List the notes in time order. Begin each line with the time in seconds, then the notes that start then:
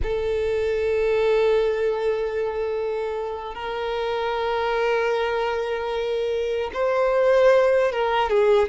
0.02 A4
3.55 A#4
6.73 C5
7.92 A#4
8.29 G#4